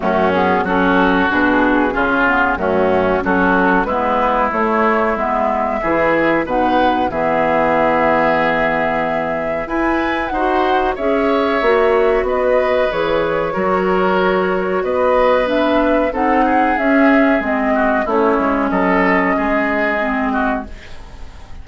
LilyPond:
<<
  \new Staff \with { instrumentName = "flute" } { \time 4/4 \tempo 4 = 93 fis'8 gis'8 a'4 gis'2 | fis'4 a'4 b'4 cis''4 | e''2 fis''4 e''4~ | e''2. gis''4 |
fis''4 e''2 dis''4 | cis''2. dis''4 | e''4 fis''4 e''4 dis''4 | cis''4 dis''2. | }
  \new Staff \with { instrumentName = "oboe" } { \time 4/4 cis'4 fis'2 f'4 | cis'4 fis'4 e'2~ | e'4 gis'4 b'4 gis'4~ | gis'2. b'4 |
c''4 cis''2 b'4~ | b'4 ais'2 b'4~ | b'4 a'8 gis'2 fis'8 | e'4 a'4 gis'4. fis'8 | }
  \new Staff \with { instrumentName = "clarinet" } { \time 4/4 a8 b8 cis'4 d'4 cis'8 b8 | a4 cis'4 b4 a4 | b4 e'4 dis'4 b4~ | b2. e'4 |
fis'4 gis'4 fis'2 | gis'4 fis'2. | d'4 dis'4 cis'4 c'4 | cis'2. c'4 | }
  \new Staff \with { instrumentName = "bassoon" } { \time 4/4 fis,4 fis4 b,4 cis4 | fis,4 fis4 gis4 a4 | gis4 e4 b,4 e4~ | e2. e'4 |
dis'4 cis'4 ais4 b4 | e4 fis2 b4~ | b4 c'4 cis'4 gis4 | a8 gis8 fis4 gis2 | }
>>